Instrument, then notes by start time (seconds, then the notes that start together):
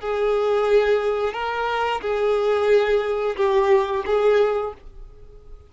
violin
0.00 G#4
1.33 A#4
2.01 G#4
3.36 G4
4.06 G#4